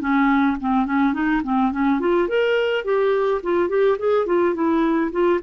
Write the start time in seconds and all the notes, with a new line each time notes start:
0.00 C#4
0.60 C4
0.85 C#4
1.13 D#4
1.43 C4
1.72 C#4
2.00 F4
2.28 A#4
2.85 G4
3.43 F4
3.69 G4
3.98 G#4
4.26 F4
4.54 E4
5.11 F4